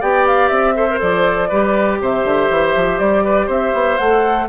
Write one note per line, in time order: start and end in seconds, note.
0.00 0.50 B3
0.00 0.75 G4
0.00 0.74 D5
0.00 0.26 G5
0.27 0.48 F5
0.48 1.00 C4
0.48 0.98 E5
0.75 0.87 A4
0.75 1.49 C5
0.90 0.98 A#4
0.98 1.51 F3
0.98 1.48 A4
0.98 2.00 D5
1.49 2.00 G3
1.49 4.00 G4
1.49 1.98 B4
2.00 2.24 C3
2.00 3.24 C5
2.00 2.99 E5
2.24 2.49 D3
2.50 2.75 E3
2.75 2.99 F3
2.99 3.48 G3
2.99 3.48 D5
3.24 3.46 B4
3.46 3.73 C4
3.46 4.45 C5
3.46 3.97 E5
3.73 3.98 B3
3.97 4.48 A3
3.97 4.48 A4
3.97 4.47 F#5